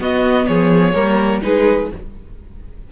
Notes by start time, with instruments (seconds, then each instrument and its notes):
0.00 viola B3, cello B3, violin F#4 D#5
0.46 cello F3, violin G#4 C#5
0.94 cello G3, viola A#3, violin A#4
1.42 cello G#3, viola D#4, violin G#4 B4